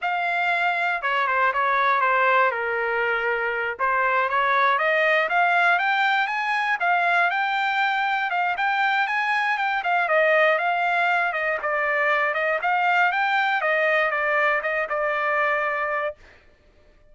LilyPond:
\new Staff \with { instrumentName = "trumpet" } { \time 4/4 \tempo 4 = 119 f''2 cis''8 c''8 cis''4 | c''4 ais'2~ ais'8 c''8~ | c''8 cis''4 dis''4 f''4 g''8~ | g''8 gis''4 f''4 g''4.~ |
g''8 f''8 g''4 gis''4 g''8 f''8 | dis''4 f''4. dis''8 d''4~ | d''8 dis''8 f''4 g''4 dis''4 | d''4 dis''8 d''2~ d''8 | }